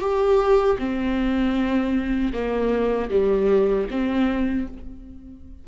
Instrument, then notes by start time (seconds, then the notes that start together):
viola
0.00 G4
0.79 C4
2.33 A#3
3.10 G3
3.91 C4